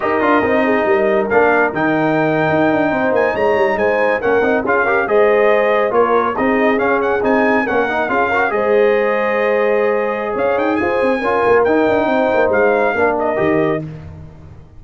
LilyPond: <<
  \new Staff \with { instrumentName = "trumpet" } { \time 4/4 \tempo 4 = 139 dis''2. f''4 | g''2.~ g''16 gis''8 ais''16~ | ais''8. gis''4 fis''4 f''4 dis''16~ | dis''4.~ dis''16 cis''4 dis''4 f''16~ |
f''16 fis''8 gis''4 fis''4 f''4 dis''16~ | dis''1 | f''8 g''8 gis''2 g''4~ | g''4 f''4. dis''4. | }
  \new Staff \with { instrumentName = "horn" } { \time 4/4 ais'4. gis'8 ais'2~ | ais'2~ ais'8. c''4 cis''16~ | cis''8. c''4 ais'4 gis'8 ais'8 c''16~ | c''4.~ c''16 ais'4 gis'4~ gis'16~ |
gis'4.~ gis'16 ais'4 gis'8 ais'8 c''16~ | c''1 | cis''4 c''4 ais'2 | c''2 ais'2 | }
  \new Staff \with { instrumentName = "trombone" } { \time 4/4 g'8 f'8 dis'2 d'4 | dis'1~ | dis'4.~ dis'16 cis'8 dis'8 f'8 g'8 gis'16~ | gis'4.~ gis'16 f'4 dis'4 cis'16~ |
cis'8. dis'4 cis'8 dis'8 f'8 fis'8 gis'16~ | gis'1~ | gis'2 f'4 dis'4~ | dis'2 d'4 g'4 | }
  \new Staff \with { instrumentName = "tuba" } { \time 4/4 dis'8 d'8 c'4 g4 ais4 | dis4.~ dis16 dis'8 d'8 c'8 ais8 gis16~ | gis16 g8 gis4 ais8 c'8 cis'4 gis16~ | gis4.~ gis16 ais4 c'4 cis'16~ |
cis'8. c'4 ais4 cis'4 gis16~ | gis1 | cis'8 dis'8 f'8 c'8 cis'8 ais8 dis'8 d'8 | c'8 ais8 gis4 ais4 dis4 | }
>>